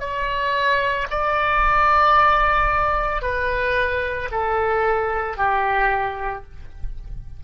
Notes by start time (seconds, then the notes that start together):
0.00 C#5
1.11 D5
3.22 B4
4.32 A4
5.37 G4